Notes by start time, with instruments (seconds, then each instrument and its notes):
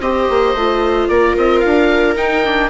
0.00 bassoon C4, viola G4 C5, oboe D#5
0.29 bassoon A#3
0.54 bassoon A3, viola F4
1.08 bassoon A#3, viola A#4, oboe D5
1.36 bassoon C4, oboe D#5
1.59 bassoon D4, oboe F5
2.16 viola D#4, bassoon D#4, oboe G5
2.45 viola D4